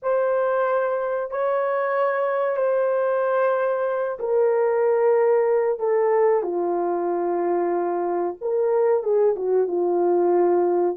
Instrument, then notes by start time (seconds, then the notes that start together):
horn
0.02 C5
1.30 C#5
2.57 C5
4.19 A#4
5.79 A4
6.42 F4
8.41 A#4
9.03 G#4
9.36 F#4
9.67 F4